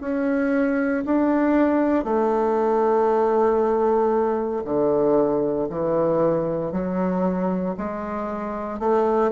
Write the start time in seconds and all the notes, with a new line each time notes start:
0.00 C#4
1.05 D4
2.04 A3
4.64 D3
5.69 E3
6.71 F#3
7.77 G#3
8.79 A3